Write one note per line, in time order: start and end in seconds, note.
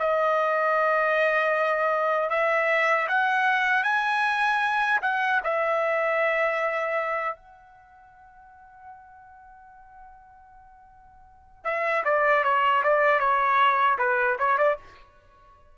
0.00 2.30 D#5
2.30 3.08 E5
3.09 3.84 F#5
3.84 5.00 G#5
5.02 5.41 F#5
5.44 7.36 E5
7.36 11.65 F#5
11.65 12.04 E5
12.05 12.44 D5
12.44 12.83 C#5
12.84 13.20 D5
13.20 13.98 C#5
13.98 14.37 B4
14.39 14.58 C#5
14.58 14.78 D5